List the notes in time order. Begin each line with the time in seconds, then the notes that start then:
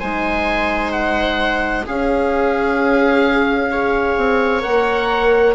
0.00 G#3 D#4 C5 G#5
0.92 F#5
1.86 C#4 G#4 F5
3.71 G#4 C#5
4.17 C4
4.61 A#3 A#4 F#5